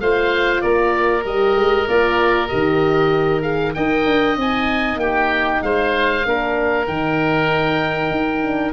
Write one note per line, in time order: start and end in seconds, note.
0.00 0.62 A3
0.00 1.23 F4
0.00 0.63 C5
0.00 0.61 F5
0.61 1.25 A#3
0.61 3.76 A#4
0.61 1.24 D5
1.23 1.56 G3
1.23 1.86 G4
1.23 1.88 D#5
1.56 1.87 G#3
1.88 2.51 A#3
1.88 2.48 F4
1.88 2.48 D5
2.48 3.77 D#3
2.48 3.42 G4
2.48 3.42 D#5
3.42 3.73 G#4
3.42 3.73 F5
3.74 4.06 D#4
3.74 4.38 A#4
3.74 5.01 D#5
3.74 4.36 G5
4.06 4.37 D4
4.37 4.97 C4
4.37 6.25 D#4
4.37 4.99 G#5
4.97 5.59 A#3
4.97 5.64 G4
4.97 5.62 G5
5.62 6.25 G#3
5.62 6.27 C5
5.62 6.87 F5
6.25 6.88 A#3
6.25 6.85 D4
6.25 8.73 A#4
6.85 8.11 D#3
6.85 8.41 D#4
6.85 8.73 G5
8.11 8.73 D#4
8.42 8.73 D4